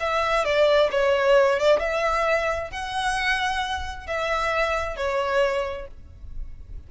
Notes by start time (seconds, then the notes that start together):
0.00 E5
0.45 D5
0.91 C#5
1.59 D5
1.80 E5
2.71 F#5
4.07 E5
4.96 C#5